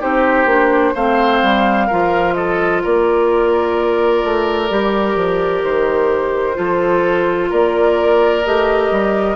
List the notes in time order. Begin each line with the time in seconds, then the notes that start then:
0.00 C4 D#4 G4 C5
0.46 A#3 D4
0.94 A3 C4 C5 F5
1.42 G3
1.87 F3 F4 A#4
2.34 A4 D#5
2.83 A#3 A#4 D5
4.24 A3
4.70 G3 G4
5.16 F3
5.63 D#3 C5
6.55 F3 F4 A4
7.49 A#3 A#4 D5
8.46 A3 G4 D#5
8.91 G3